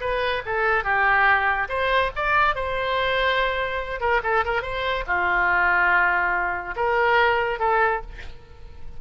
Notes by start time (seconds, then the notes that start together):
0.00 B4
0.45 A4
0.84 G4
1.69 C5
2.15 D5
2.55 C5
4.00 A#4
4.23 A4
4.45 A#4
4.62 C5
5.07 F4
6.76 A#4
7.59 A4